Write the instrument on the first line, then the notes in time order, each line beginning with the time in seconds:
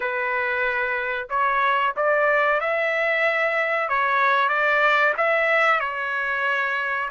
trumpet
0.00 B4
1.29 C#5
1.96 D5
2.60 E5
3.89 C#5
4.48 D5
5.17 E5
5.80 C#5